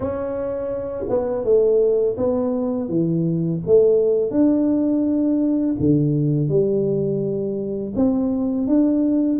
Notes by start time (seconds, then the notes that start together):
0.00 C#4
1.09 B3
1.44 A3
2.17 B3
2.88 E3
3.66 A3
4.30 D4
5.79 D3
6.48 G3
7.95 C4
8.67 D4